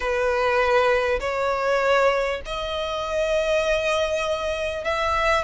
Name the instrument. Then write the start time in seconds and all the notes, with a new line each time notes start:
violin
0.00 B4
1.20 C#5
2.45 D#5
4.84 E5